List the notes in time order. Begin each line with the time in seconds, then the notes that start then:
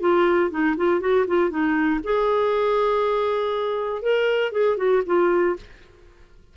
0.00 F4
0.50 D#4
0.77 F4
1.00 F#4
1.27 F4
1.50 D#4
2.03 G#4
4.02 A#4
4.52 G#4
4.77 F#4
5.06 F4